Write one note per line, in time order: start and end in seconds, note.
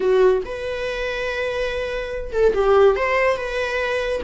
0.00 0.42 F#4
0.45 2.32 B4
2.32 2.53 A4
2.54 2.96 G4
2.96 3.36 C5
3.36 4.21 B4